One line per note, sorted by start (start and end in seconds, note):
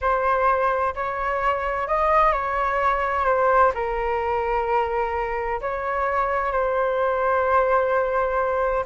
0.01 0.94 C5
0.95 1.87 C#5
1.87 2.32 D#5
2.32 3.25 C#5
3.25 3.71 C5
3.74 5.60 A#4
5.61 6.52 C#5
6.52 8.84 C5